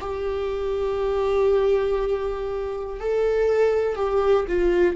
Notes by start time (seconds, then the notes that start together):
0.00 G4
3.00 A4
3.95 G4
4.48 F4